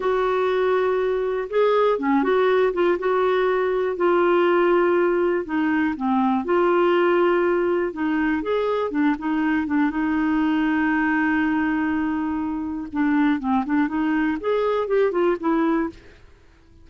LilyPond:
\new Staff \with { instrumentName = "clarinet" } { \time 4/4 \tempo 4 = 121 fis'2. gis'4 | cis'8 fis'4 f'8 fis'2 | f'2. dis'4 | c'4 f'2. |
dis'4 gis'4 d'8 dis'4 d'8 | dis'1~ | dis'2 d'4 c'8 d'8 | dis'4 gis'4 g'8 f'8 e'4 | }